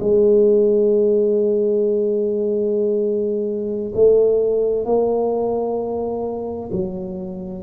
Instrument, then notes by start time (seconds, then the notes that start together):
tuba
0.00 G#3
3.95 A3
4.85 A#3
6.72 F#3